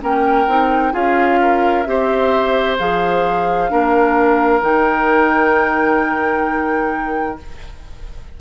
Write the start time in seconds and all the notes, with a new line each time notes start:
0.00 A#3 C#4 A#4 G5
0.47 C4 D#4
0.92 C#4 F4 G#4 F5
1.41 A#4
1.83 C4 G4 C5 E5
2.78 F3 G#4 F5
3.69 A#3 D4 A#4
4.60 D#3 D#4 G5